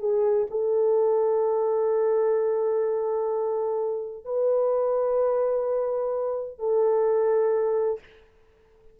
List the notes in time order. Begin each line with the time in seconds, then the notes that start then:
0.00 G#4
0.51 A4
4.25 B4
6.59 A4